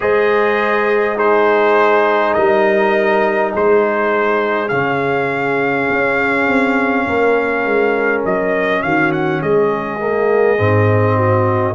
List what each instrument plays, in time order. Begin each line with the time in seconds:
0.00 tuba G#3, trombone G#4, horn C5, trumpet D#5
1.16 trombone D#4, horn G#4, trumpet C5
2.33 tuba G3, horn A#4, trumpet D#5
3.53 tuba G#3, horn G#4, trumpet C5
4.68 tuba C#3, trombone C#4, trumpet F5
5.89 tuba C#4
6.47 tuba C4
7.06 tuba A#3, horn A#4
7.65 tuba G#3
8.25 tuba F#3, trumpet D#5
8.82 tuba D#3, horn F#4, trumpet F5
9.12 trumpet F#5
9.41 tuba G#3, horn G#4, trumpet D#5
9.99 trombone A#3
10.57 tuba G#2, trombone C4
11.15 horn F#4